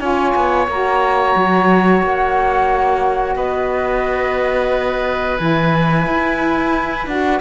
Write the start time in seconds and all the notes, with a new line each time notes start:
0.00 C#4 F4 C#5 G#5
0.36 B3
0.68 A#3 F#4 A#5
1.36 F#3
2.03 A#3 F#5
3.36 B3 B4 D#5
5.38 E3 E4 G#5
6.07 E4
7.07 D4 F#4 F#5